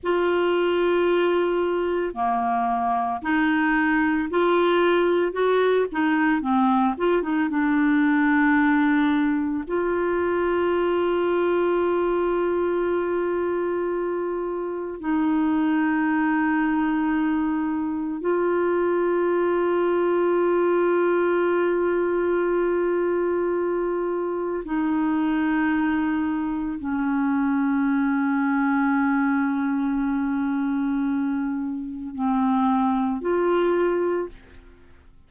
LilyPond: \new Staff \with { instrumentName = "clarinet" } { \time 4/4 \tempo 4 = 56 f'2 ais4 dis'4 | f'4 fis'8 dis'8 c'8 f'16 dis'16 d'4~ | d'4 f'2.~ | f'2 dis'2~ |
dis'4 f'2.~ | f'2. dis'4~ | dis'4 cis'2.~ | cis'2 c'4 f'4 | }